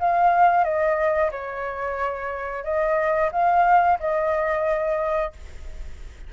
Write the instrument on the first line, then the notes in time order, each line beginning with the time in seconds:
flute
0.00 F5
0.64 D#5
1.32 C#5
2.64 D#5
3.32 F5
4.00 D#5